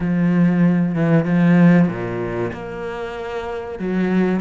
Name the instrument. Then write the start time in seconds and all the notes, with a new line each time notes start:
cello
0.00 F3
0.95 E3
1.25 F3
1.88 A#2
2.53 A#3
3.79 F#3